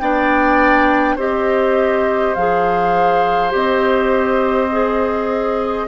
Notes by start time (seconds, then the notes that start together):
0.00 B3 D4 D5 G5
1.16 C4 G4 C5 D#5
2.35 F3 G#4 F5
3.51 C4 G4 D#5
4.72 G#4